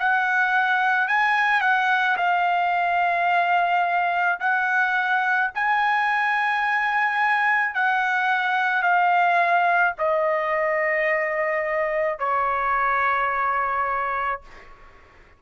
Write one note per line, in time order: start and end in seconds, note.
0.00 1.08 F#5
1.08 1.61 G#5
1.61 2.17 F#5
2.18 4.40 F5
4.40 5.52 F#5
5.55 7.75 G#5
7.75 8.83 F#5
8.83 9.94 F5
9.98 12.20 D#5
12.20 14.42 C#5